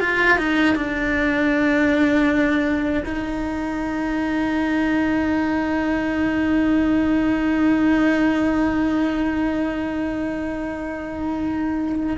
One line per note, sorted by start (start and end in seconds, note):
0.00 0.38 F4
0.38 0.75 D#4
0.75 3.03 D4
3.05 12.16 D#4